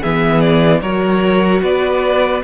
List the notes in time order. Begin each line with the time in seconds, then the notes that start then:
0.00 E3 B3 G#4 E5
0.41 D5
0.81 F#3 F#4 A#4 C#5
1.62 B3 B4 D5